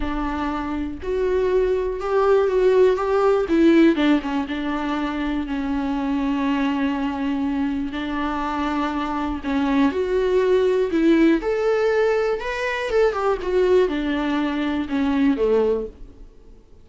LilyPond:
\new Staff \with { instrumentName = "viola" } { \time 4/4 \tempo 4 = 121 d'2 fis'2 | g'4 fis'4 g'4 e'4 | d'8 cis'8 d'2 cis'4~ | cis'1 |
d'2. cis'4 | fis'2 e'4 a'4~ | a'4 b'4 a'8 g'8 fis'4 | d'2 cis'4 a4 | }